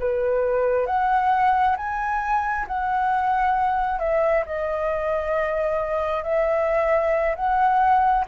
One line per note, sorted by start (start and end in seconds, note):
0.00 0.87 B4
0.87 1.76 F#5
1.77 2.67 G#5
2.67 3.99 F#5
3.99 4.44 E5
4.47 6.24 D#5
6.24 7.36 E5
7.36 8.26 F#5